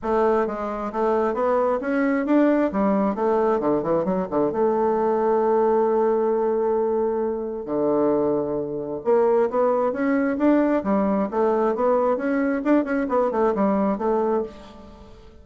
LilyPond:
\new Staff \with { instrumentName = "bassoon" } { \time 4/4 \tempo 4 = 133 a4 gis4 a4 b4 | cis'4 d'4 g4 a4 | d8 e8 fis8 d8 a2~ | a1~ |
a4 d2. | ais4 b4 cis'4 d'4 | g4 a4 b4 cis'4 | d'8 cis'8 b8 a8 g4 a4 | }